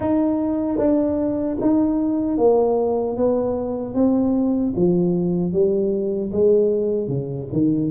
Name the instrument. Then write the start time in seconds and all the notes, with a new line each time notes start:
tuba
0.00 D#4
0.78 D4
1.60 D#4
2.37 A#3
3.17 B3
3.94 C4
4.76 F3
5.52 G3
6.32 G#3
7.07 C#3
7.52 D#3